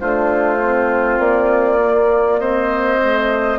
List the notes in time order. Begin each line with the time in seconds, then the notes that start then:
0.00 A3 D4 F4 C5
0.61 C4
1.19 A#3 D5
1.80 A#3
2.39 C4 C5 D#5
3.02 A3